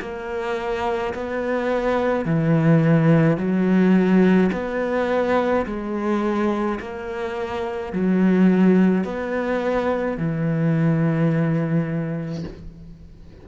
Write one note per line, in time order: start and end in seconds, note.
0.00 1.13 A#3
1.14 2.25 B3
2.25 3.37 E3
3.37 4.50 F#3
4.52 5.66 B3
5.66 6.79 G#3
6.80 7.92 A#3
7.92 9.04 F#3
9.04 10.17 B3
10.17 12.44 E3